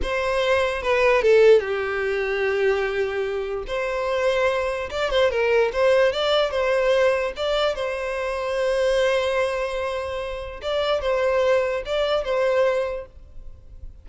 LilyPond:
\new Staff \with { instrumentName = "violin" } { \time 4/4 \tempo 4 = 147 c''2 b'4 a'4 | g'1~ | g'4 c''2. | d''8 c''8 ais'4 c''4 d''4 |
c''2 d''4 c''4~ | c''1~ | c''2 d''4 c''4~ | c''4 d''4 c''2 | }